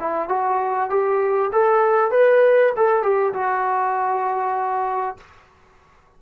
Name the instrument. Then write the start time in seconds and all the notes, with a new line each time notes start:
trombone
0.00 E4
0.29 F#4
0.90 G4
1.53 A4
2.11 B4
2.77 A4
3.03 G4
3.33 F#4